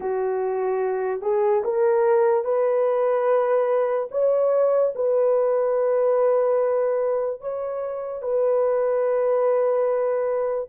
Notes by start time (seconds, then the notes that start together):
0.00 F#4
1.21 G#4
1.64 A#4
2.44 B4
4.11 C#5
4.95 B4
7.40 C#5
8.22 B4